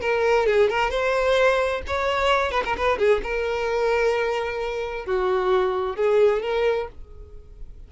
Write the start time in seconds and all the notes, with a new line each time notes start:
0.00 A#4
0.46 G#4
0.69 A#4
0.90 C5
1.87 C#5
2.51 B4
2.65 A#4
2.77 B4
2.98 G#4
3.22 A#4
5.05 F#4
5.96 G#4
6.42 A#4